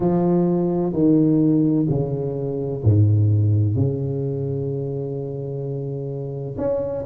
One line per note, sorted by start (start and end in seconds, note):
0.00 0.92 F3
0.92 1.86 D#3
1.89 2.83 C#3
2.83 3.75 G#2
3.75 6.56 C#3
6.57 7.04 C#4